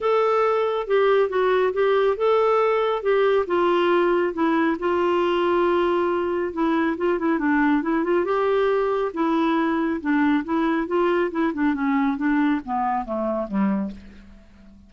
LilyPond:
\new Staff \with { instrumentName = "clarinet" } { \time 4/4 \tempo 4 = 138 a'2 g'4 fis'4 | g'4 a'2 g'4 | f'2 e'4 f'4~ | f'2. e'4 |
f'8 e'8 d'4 e'8 f'8 g'4~ | g'4 e'2 d'4 | e'4 f'4 e'8 d'8 cis'4 | d'4 b4 a4 g4 | }